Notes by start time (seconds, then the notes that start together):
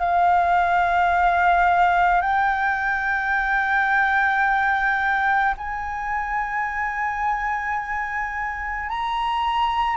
0.00 F5
2.21 G5
5.57 G#5
8.89 A#5